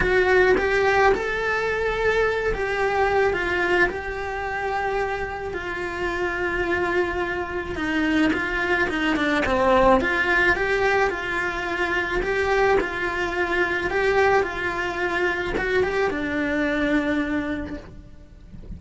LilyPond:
\new Staff \with { instrumentName = "cello" } { \time 4/4 \tempo 4 = 108 fis'4 g'4 a'2~ | a'8 g'4. f'4 g'4~ | g'2 f'2~ | f'2 dis'4 f'4 |
dis'8 d'8 c'4 f'4 g'4 | f'2 g'4 f'4~ | f'4 g'4 f'2 | fis'8 g'8 d'2. | }